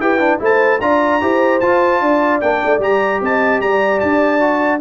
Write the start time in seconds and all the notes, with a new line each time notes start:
0.00 E4 G4 B4 G5
0.19 D4
0.39 A3 E4 C5 A5
0.81 D4 F4 D5 A#5
1.21 E4 G4 C5
1.60 F4 A5
2.01 D4 D5
2.40 A#3 D4 G5
2.65 A3
2.79 G3 G4 A#5
3.21 C4 D#5 A5
3.60 G3 D5 A#5
4.00 D4 A5
4.40 F#4